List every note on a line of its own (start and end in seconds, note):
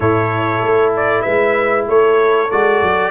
0.00 0.61 A2
0.00 2.49 E4
0.00 1.22 A4
0.00 0.93 C#5
0.61 1.24 A3
0.96 1.22 D5
1.22 1.87 G#3
1.22 1.85 B4
1.22 1.84 E5
1.87 2.50 A3
1.87 3.10 A4
1.87 2.50 C#5
2.50 2.82 G#3
2.50 3.10 F#4
2.50 3.10 D5
2.82 3.10 F#3